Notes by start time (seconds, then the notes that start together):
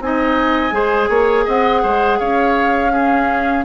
0.00 C4 D#4 D#5 G#5
0.71 G#3 G#4 C5
1.09 A#3 C#5
1.45 C4 D#5 F#5
1.82 G#3 C5
2.19 C#4 C#5 F5
2.92 C#4 G#4